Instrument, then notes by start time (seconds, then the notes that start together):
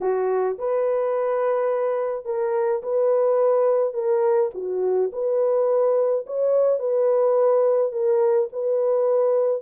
horn
0.01 F#4
0.58 B4
2.25 A#4
2.83 B4
3.93 A#4
4.54 F#4
5.12 B4
6.26 C#5
6.79 B4
7.92 A#4
8.52 B4